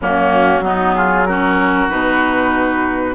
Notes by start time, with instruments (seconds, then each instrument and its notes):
0.01 bassoon F#2, clarinet A#3, oboe C#4, flute F#4
0.60 bassoon F#3, clarinet B3, oboe D#4
0.94 oboe F4, flute G#4
1.26 clarinet C#4, oboe F#4, flute A#4
1.89 bassoon B2, clarinet D#4, flute B4